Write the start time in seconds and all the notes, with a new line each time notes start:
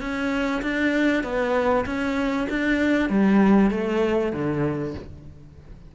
0.00 C#4
0.62 D4
1.23 B3
1.86 C#4
2.49 D4
3.09 G3
3.71 A3
4.33 D3